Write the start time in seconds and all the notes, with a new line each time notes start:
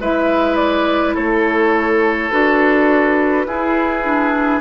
0.00 G#3 E4 B4 E5
0.56 D5
1.15 A3 A4 C#5
2.31 D4 F#4 B4
3.46 E4 G#4
4.04 D4